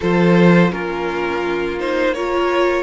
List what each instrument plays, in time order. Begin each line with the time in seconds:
0.00 cello F3, viola F4, violin A4 C5
0.71 cello A#3, viola C#4, violin F4 A#4
1.79 viola D#4, violin C5
2.14 viola F4, violin A#4 C#5